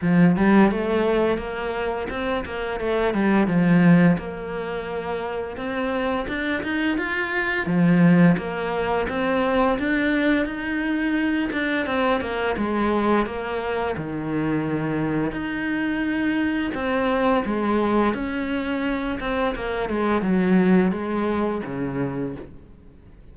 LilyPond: \new Staff \with { instrumentName = "cello" } { \time 4/4 \tempo 4 = 86 f8 g8 a4 ais4 c'8 ais8 | a8 g8 f4 ais2 | c'4 d'8 dis'8 f'4 f4 | ais4 c'4 d'4 dis'4~ |
dis'8 d'8 c'8 ais8 gis4 ais4 | dis2 dis'2 | c'4 gis4 cis'4. c'8 | ais8 gis8 fis4 gis4 cis4 | }